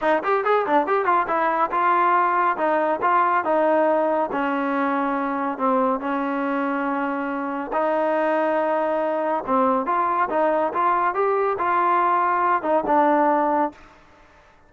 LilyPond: \new Staff \with { instrumentName = "trombone" } { \time 4/4 \tempo 4 = 140 dis'8 g'8 gis'8 d'8 g'8 f'8 e'4 | f'2 dis'4 f'4 | dis'2 cis'2~ | cis'4 c'4 cis'2~ |
cis'2 dis'2~ | dis'2 c'4 f'4 | dis'4 f'4 g'4 f'4~ | f'4. dis'8 d'2 | }